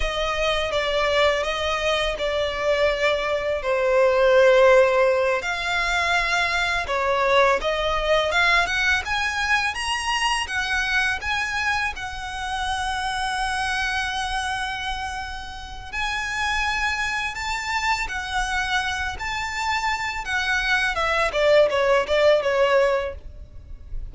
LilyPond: \new Staff \with { instrumentName = "violin" } { \time 4/4 \tempo 4 = 83 dis''4 d''4 dis''4 d''4~ | d''4 c''2~ c''8 f''8~ | f''4. cis''4 dis''4 f''8 | fis''8 gis''4 ais''4 fis''4 gis''8~ |
gis''8 fis''2.~ fis''8~ | fis''2 gis''2 | a''4 fis''4. a''4. | fis''4 e''8 d''8 cis''8 d''8 cis''4 | }